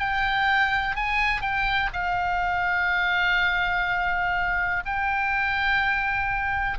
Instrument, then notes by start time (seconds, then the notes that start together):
oboe
0.00 G5
0.96 G#5
1.42 G5
1.94 F5
4.86 G5